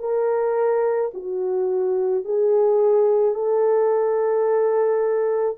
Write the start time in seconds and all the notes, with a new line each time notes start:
0.00 A#4
1.14 F#4
2.25 G#4
3.35 A4